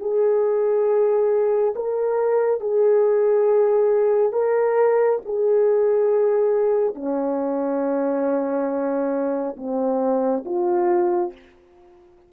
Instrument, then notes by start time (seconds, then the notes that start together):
horn
0.00 G#4
1.75 A#4
2.60 G#4
4.32 A#4
5.25 G#4
6.94 C#4
9.57 C4
10.45 F4